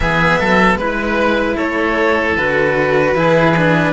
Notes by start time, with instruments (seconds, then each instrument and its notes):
0.00 cello E3 B3, oboe G#4, violin E5
0.39 cello F#3, oboe A4
0.75 cello G#3 E4, violin B4, oboe B4
1.55 cello A3, oboe A4, violin C#5
2.36 cello D3 F#4, violin B4
3.13 cello E3 E4, oboe G#4
3.56 cello D4